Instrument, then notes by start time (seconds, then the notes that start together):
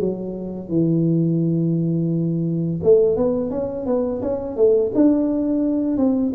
tuba
0.00 F#3
0.69 E3
2.83 A3
3.16 B3
3.50 C#4
3.86 B3
4.22 C#4
4.56 A3
4.94 D4
5.97 C4